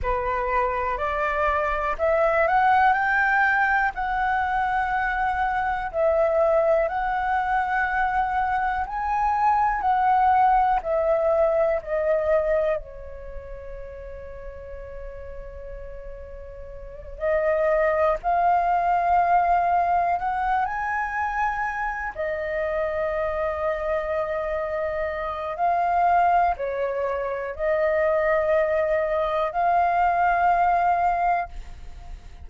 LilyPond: \new Staff \with { instrumentName = "flute" } { \time 4/4 \tempo 4 = 61 b'4 d''4 e''8 fis''8 g''4 | fis''2 e''4 fis''4~ | fis''4 gis''4 fis''4 e''4 | dis''4 cis''2.~ |
cis''4. dis''4 f''4.~ | f''8 fis''8 gis''4. dis''4.~ | dis''2 f''4 cis''4 | dis''2 f''2 | }